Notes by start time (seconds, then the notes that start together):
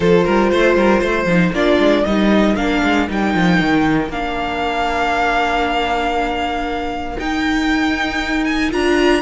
0.00 F3 F4 A4 C5
0.25 G3 A#4
0.51 A3 C5
0.76 G3 A#4
1.00 A3 C5
1.25 F3 D#4
1.52 A#3 D4 F4 D5
1.78 G#3
2.04 G3 D#4 A#4 D#5
2.56 A#3 D4 F5
2.83 G#3
3.08 G3 D#4 G5
3.34 F3
3.60 D#3
4.09 A#3 D4 F5
7.18 D#4 G5
8.44 G#5
8.71 D4 F4 A#5